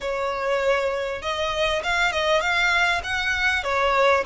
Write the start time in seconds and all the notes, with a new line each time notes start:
0.00 C#5
1.21 D#5
1.83 F5
2.12 D#5
2.40 F5
3.03 F#5
3.63 C#5